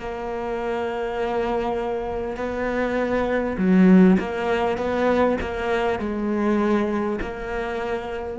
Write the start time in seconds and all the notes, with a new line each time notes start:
0.00 A#3
2.37 B3
3.58 F#3
4.19 A#3
4.78 B3
5.42 A#3
6.00 G#3
7.22 A#3